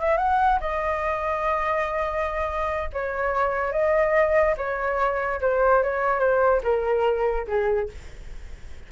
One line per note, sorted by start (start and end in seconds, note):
0.00 0.18 E5
0.18 0.59 F#5
0.61 2.90 D#5
2.93 3.72 C#5
3.72 4.56 D#5
4.57 5.41 C#5
5.42 5.83 C5
5.83 6.20 C#5
6.20 6.62 C5
6.64 7.47 A#4
7.48 7.89 G#4